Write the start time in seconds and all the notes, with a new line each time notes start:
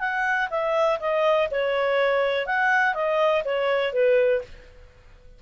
0.00 F#5
0.51 E5
1.00 D#5
1.51 C#5
2.46 F#5
2.94 D#5
3.45 C#5
3.93 B4